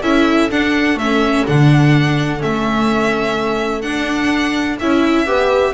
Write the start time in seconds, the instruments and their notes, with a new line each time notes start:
0.00 double bass C#4, viola E4, horn A4, violin E5
0.50 viola D4, double bass D4, violin F#5
0.95 double bass A3, viola C#4, violin E5
1.46 double bass D3, viola D4, violin F#5
2.39 double bass A3, viola C#4, violin E5
3.81 viola D4, double bass D4, violin F#5
4.79 double bass C#4, viola E4, violin E5
5.26 double bass B3, viola G4, horn B4